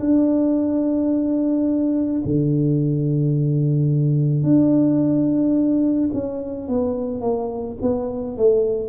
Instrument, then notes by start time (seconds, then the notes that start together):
tuba
0.00 D4
2.25 D3
4.43 D4
6.14 C#4
6.68 B3
7.21 A#3
7.82 B3
8.37 A3